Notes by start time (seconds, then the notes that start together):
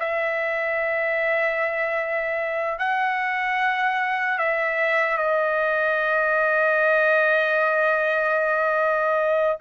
0.00 E5
2.79 F#5
4.39 E5
5.18 D#5